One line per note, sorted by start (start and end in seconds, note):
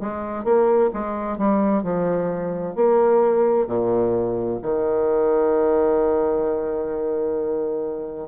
0.00 0.44 G#3
0.44 0.90 A#3
0.94 1.38 G#3
1.38 1.83 G3
1.83 2.75 F3
2.76 3.67 A#3
3.67 4.59 A#2
4.62 8.28 D#3